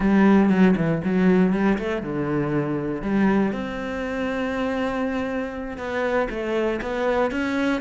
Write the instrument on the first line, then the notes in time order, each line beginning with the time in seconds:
cello
0.00 G3
0.49 F#3
0.76 E3
1.04 F#3
1.52 G3
1.78 A3
2.02 D3
3.02 G3
3.52 C4
5.77 B3
6.30 A3
6.81 B3
7.31 C#4